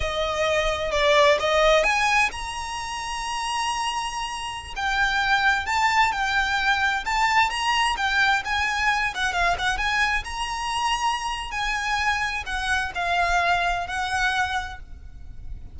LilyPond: \new Staff \with { instrumentName = "violin" } { \time 4/4 \tempo 4 = 130 dis''2 d''4 dis''4 | gis''4 ais''2.~ | ais''2~ ais''16 g''4.~ g''16~ | g''16 a''4 g''2 a''8.~ |
a''16 ais''4 g''4 gis''4. fis''16~ | fis''16 f''8 fis''8 gis''4 ais''4.~ ais''16~ | ais''4 gis''2 fis''4 | f''2 fis''2 | }